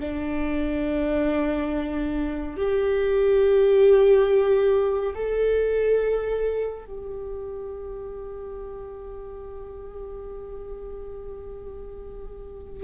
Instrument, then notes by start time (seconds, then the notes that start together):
viola
0.00 D4
2.57 G4
5.15 A4
6.85 G4